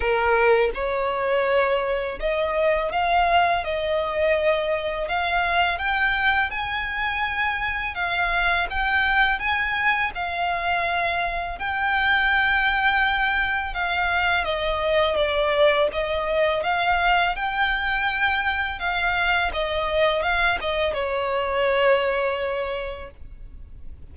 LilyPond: \new Staff \with { instrumentName = "violin" } { \time 4/4 \tempo 4 = 83 ais'4 cis''2 dis''4 | f''4 dis''2 f''4 | g''4 gis''2 f''4 | g''4 gis''4 f''2 |
g''2. f''4 | dis''4 d''4 dis''4 f''4 | g''2 f''4 dis''4 | f''8 dis''8 cis''2. | }